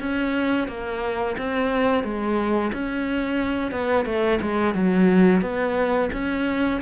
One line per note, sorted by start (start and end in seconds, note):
0.00 0.68 C#4
0.68 1.36 A#3
1.38 2.04 C4
2.04 2.72 G#3
2.73 3.72 C#4
3.72 4.05 B3
4.05 4.39 A3
4.42 4.74 G#3
4.74 5.42 F#3
5.42 6.10 B3
6.13 6.81 C#4